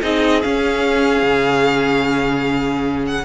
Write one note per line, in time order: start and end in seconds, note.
0.00 0.43 C4
0.00 0.42 D#4
0.00 3.24 G#4
0.00 0.43 D#5
0.43 3.25 C#4
0.43 1.23 C#4
0.43 3.06 F5
1.23 3.25 C#3
3.07 3.25 F#5